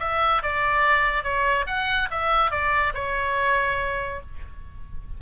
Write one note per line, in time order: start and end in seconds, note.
0.00 0.42 E5
0.43 1.23 D5
1.23 1.66 C#5
1.67 2.09 F#5
2.11 2.51 E5
2.51 2.93 D5
2.94 4.21 C#5